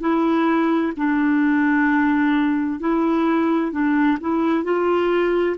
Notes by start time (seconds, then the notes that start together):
0.00 E4
0.97 D4
2.80 E4
3.71 D4
4.20 E4
4.64 F4